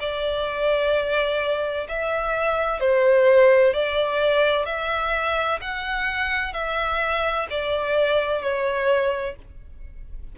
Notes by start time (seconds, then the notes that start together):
0.00 D5
1.89 E5
2.80 C5
3.74 D5
4.66 E5
5.62 F#5
6.54 E5
7.50 D5
8.42 C#5